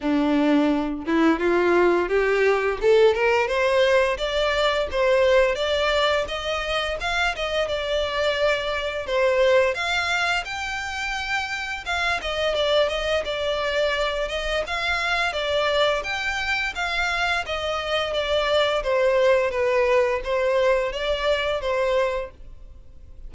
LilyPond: \new Staff \with { instrumentName = "violin" } { \time 4/4 \tempo 4 = 86 d'4. e'8 f'4 g'4 | a'8 ais'8 c''4 d''4 c''4 | d''4 dis''4 f''8 dis''8 d''4~ | d''4 c''4 f''4 g''4~ |
g''4 f''8 dis''8 d''8 dis''8 d''4~ | d''8 dis''8 f''4 d''4 g''4 | f''4 dis''4 d''4 c''4 | b'4 c''4 d''4 c''4 | }